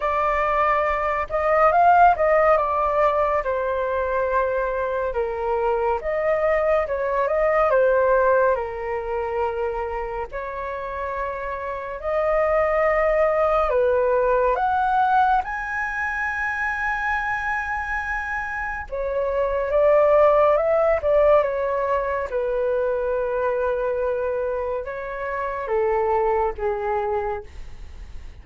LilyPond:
\new Staff \with { instrumentName = "flute" } { \time 4/4 \tempo 4 = 70 d''4. dis''8 f''8 dis''8 d''4 | c''2 ais'4 dis''4 | cis''8 dis''8 c''4 ais'2 | cis''2 dis''2 |
b'4 fis''4 gis''2~ | gis''2 cis''4 d''4 | e''8 d''8 cis''4 b'2~ | b'4 cis''4 a'4 gis'4 | }